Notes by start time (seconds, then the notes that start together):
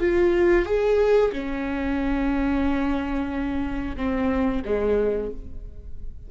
0.00 F4
0.66 G#4
1.32 C#4
3.97 C4
4.65 G#3